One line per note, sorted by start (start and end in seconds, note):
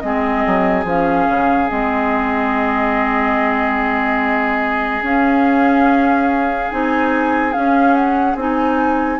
0.00 0.45 G#3
0.00 0.86 C4
0.00 9.20 G#4
0.00 0.83 D#5
0.46 0.84 F#3
0.84 1.26 F3
0.84 1.68 C#4
0.84 1.70 F5
1.29 1.70 C#3
1.68 5.02 G#3
1.68 5.02 C4
1.68 5.03 D#5
5.02 6.69 C#4
5.02 6.70 C#4
5.02 6.71 F5
6.71 7.56 C4
6.71 7.53 D#4
6.71 7.53 G#5
7.53 8.36 C#4
7.53 8.35 C#4
7.53 7.94 F5
7.94 8.36 F#5
8.35 9.19 C4
8.35 9.20 D#4
8.41 9.20 G#5